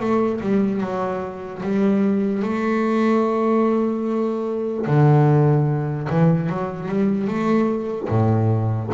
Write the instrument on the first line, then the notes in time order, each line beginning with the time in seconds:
double bass
0.00 A3
0.41 G3
0.81 F#3
1.63 G3
2.43 A3
4.87 D3
6.10 E3
6.50 F#3
6.89 G3
7.28 A3
8.09 A2